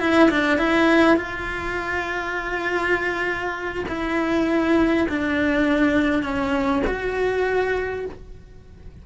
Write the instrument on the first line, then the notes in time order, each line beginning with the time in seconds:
cello
0.00 E4
0.30 D4
0.58 E4
1.17 F4
3.89 E4
5.09 D4
6.23 C#4
6.87 F#4